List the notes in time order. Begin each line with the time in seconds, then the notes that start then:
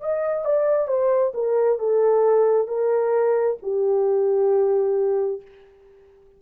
0.00 D#5
0.45 D5
0.87 C5
1.34 A#4
1.78 A4
2.67 A#4
3.62 G4